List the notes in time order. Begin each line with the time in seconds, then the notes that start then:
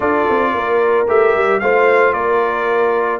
0.00 D4 F4 A4 D5
0.29 C4
0.53 A#3 A#4
1.08 A3 G4 E5
1.34 G3
1.59 A3 F4 C5 F5
2.13 A#3 A#4 D5